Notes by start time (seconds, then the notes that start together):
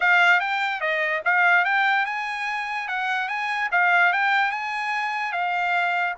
0.00 F5
0.40 G5
0.80 D#5
1.25 F5
1.64 G5
2.05 G#5
2.88 F#5
3.28 G#5
3.71 F5
4.12 G5
4.51 G#5
5.32 F5